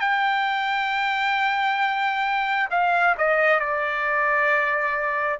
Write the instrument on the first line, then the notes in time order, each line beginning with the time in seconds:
trumpet
0.00 G5
2.70 F5
3.18 D#5
3.60 D5